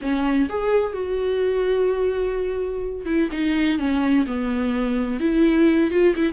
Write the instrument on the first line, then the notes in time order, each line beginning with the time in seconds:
viola
0.01 C#4
0.49 G#4
0.93 F#4
3.05 E4
3.31 D#4
3.79 C#4
4.26 B3
5.20 E4
5.90 F4
6.15 E4